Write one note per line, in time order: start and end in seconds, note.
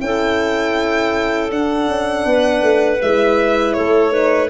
0.00 1.50 C#4
0.00 1.49 E4
0.00 2.28 A4
0.00 1.51 G5
1.49 2.99 D4
1.49 1.88 D4
1.49 3.02 F#5
1.88 2.25 C#4
2.25 2.62 B3
2.25 3.77 B4
2.62 3.00 A3
3.02 3.78 G#3
3.02 4.11 E4
3.02 3.73 E5
3.73 4.50 A3
3.73 4.12 A4
3.73 4.48 C#5
4.11 4.48 D#4
4.11 4.50 B4